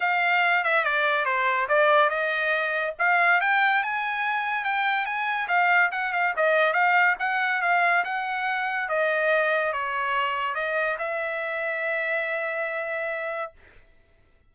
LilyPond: \new Staff \with { instrumentName = "trumpet" } { \time 4/4 \tempo 4 = 142 f''4. e''8 d''4 c''4 | d''4 dis''2 f''4 | g''4 gis''2 g''4 | gis''4 f''4 fis''8 f''8 dis''4 |
f''4 fis''4 f''4 fis''4~ | fis''4 dis''2 cis''4~ | cis''4 dis''4 e''2~ | e''1 | }